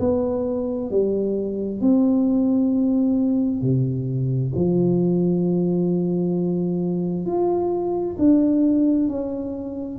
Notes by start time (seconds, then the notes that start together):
0.00 B3
0.91 G3
1.81 C4
3.62 C3
4.56 F3
7.26 F4
8.19 D4
9.09 C#4